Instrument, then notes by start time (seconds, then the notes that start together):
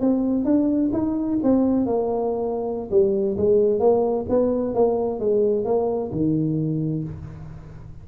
tuba
0.00 C4
0.44 D4
0.92 D#4
1.43 C4
1.86 A#3
2.90 G3
3.37 G#3
3.79 A#3
4.29 B3
4.74 A#3
5.19 G#3
5.64 A#3
6.11 D#3